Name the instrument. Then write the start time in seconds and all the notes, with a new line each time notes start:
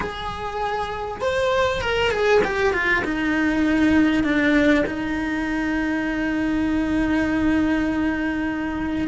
cello
0.00 G#4
1.21 C5
1.81 A#4
2.11 G#4
2.44 G4
2.73 F4
3.04 D#4
4.23 D4
4.86 D#4